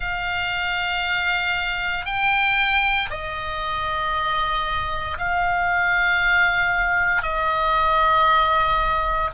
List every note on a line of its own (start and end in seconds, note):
0.00 2.05 F5
2.05 3.08 G5
3.10 5.17 D#5
5.18 7.22 F5
7.22 9.29 D#5